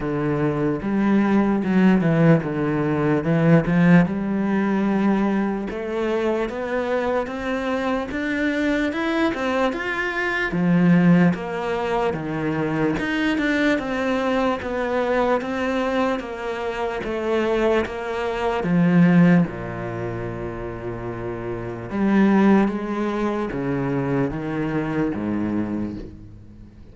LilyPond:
\new Staff \with { instrumentName = "cello" } { \time 4/4 \tempo 4 = 74 d4 g4 fis8 e8 d4 | e8 f8 g2 a4 | b4 c'4 d'4 e'8 c'8 | f'4 f4 ais4 dis4 |
dis'8 d'8 c'4 b4 c'4 | ais4 a4 ais4 f4 | ais,2. g4 | gis4 cis4 dis4 gis,4 | }